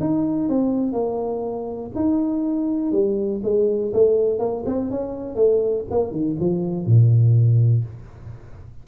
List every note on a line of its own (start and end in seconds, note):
0.00 0.49 D#4
0.49 0.93 C4
0.93 1.91 A#3
1.95 2.92 D#4
2.92 3.41 G3
3.43 3.93 G#3
3.93 4.39 A3
4.39 4.64 A#3
4.66 4.90 C4
4.90 5.35 C#4
5.35 5.85 A3
5.91 6.11 A#3
6.11 6.36 D#3
6.40 6.86 F3
6.86 7.85 A#2